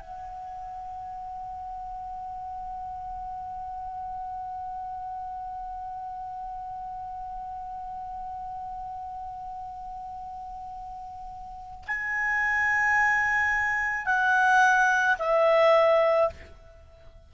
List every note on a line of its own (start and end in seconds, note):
0.00 11.85 F#5
11.88 14.06 G#5
14.06 15.17 F#5
15.20 16.31 E5